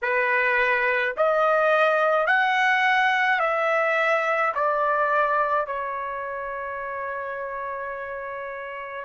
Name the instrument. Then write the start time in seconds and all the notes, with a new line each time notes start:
trumpet
0.02 B4
1.16 D#5
2.26 F#5
3.40 E5
4.54 D5
5.66 C#5